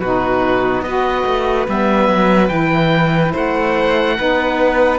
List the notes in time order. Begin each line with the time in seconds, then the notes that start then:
0.00 B2 D#4 F#4 B4
0.82 B3 F#4 B4 D#5
1.27 A3
1.67 G3 B3 E5
2.09 F#3
2.49 E3 E4 G5
3.33 A3 C5 F#5
4.18 B3 D#4 B4